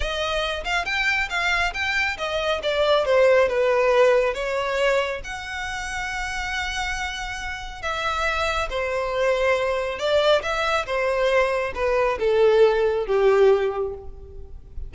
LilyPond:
\new Staff \with { instrumentName = "violin" } { \time 4/4 \tempo 4 = 138 dis''4. f''8 g''4 f''4 | g''4 dis''4 d''4 c''4 | b'2 cis''2 | fis''1~ |
fis''2 e''2 | c''2. d''4 | e''4 c''2 b'4 | a'2 g'2 | }